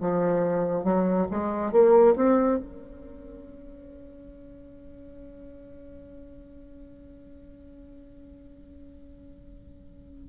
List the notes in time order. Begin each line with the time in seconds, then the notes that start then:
0.00 F3
0.83 F#3
1.31 G#3
1.72 A#3
2.15 C4
2.58 C#4